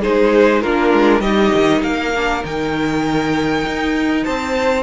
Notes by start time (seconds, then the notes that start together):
0.00 G#3 D#4 G#4 C5
0.61 A#3 D4 F4 A#4
0.93 G#3
1.20 G3 D#4 G4 D#5
1.54 D#3
1.82 A#3 A#4 F5
2.16 D4
2.43 D#3 D#4 G5
3.66 D#4
4.23 C4 C5 A5